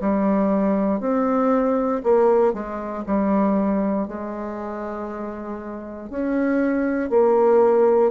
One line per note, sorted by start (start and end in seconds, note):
0.00 1.00 G3
1.00 2.02 C4
2.03 2.53 A#3
2.53 3.04 G#3
3.06 4.07 G3
4.07 6.10 G#3
6.10 7.10 C#4
7.10 8.11 A#3